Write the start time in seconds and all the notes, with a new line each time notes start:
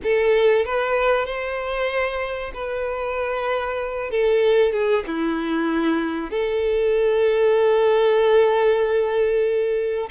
0.03 A4
0.65 B4
1.25 C5
2.53 B4
4.10 A4
4.72 G#4
5.07 E4
6.30 A4